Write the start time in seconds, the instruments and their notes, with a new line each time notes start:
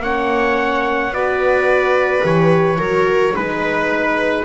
0.00 double bass A#3, horn C#4, viola C#5, trumpet F#5
1.10 double bass B3, horn F#4, viola B4, trumpet D5
2.22 double bass E3, horn G4, trumpet C#5
2.78 double bass F#3, horn F#4, viola A#4
3.35 double bass G#3, horn D#4, viola B4, trumpet B4